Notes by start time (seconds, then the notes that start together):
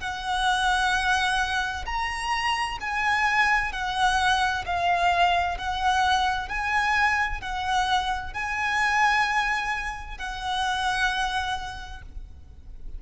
0.00 F#5
1.85 A#5
2.80 G#5
3.72 F#5
4.65 F5
5.58 F#5
6.48 G#5
7.41 F#5
8.33 G#5
10.17 F#5